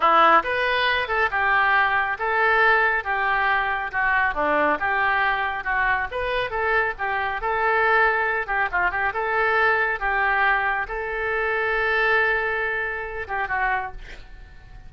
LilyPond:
\new Staff \with { instrumentName = "oboe" } { \time 4/4 \tempo 4 = 138 e'4 b'4. a'8 g'4~ | g'4 a'2 g'4~ | g'4 fis'4 d'4 g'4~ | g'4 fis'4 b'4 a'4 |
g'4 a'2~ a'8 g'8 | f'8 g'8 a'2 g'4~ | g'4 a'2.~ | a'2~ a'8 g'8 fis'4 | }